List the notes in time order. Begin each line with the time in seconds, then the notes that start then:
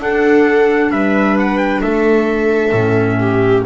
0.00 D4 A4 F#5
0.91 G3 B4 E5
1.39 F#5
1.58 G5
1.82 A3 A4 E5
2.72 A2 C#4
3.20 G4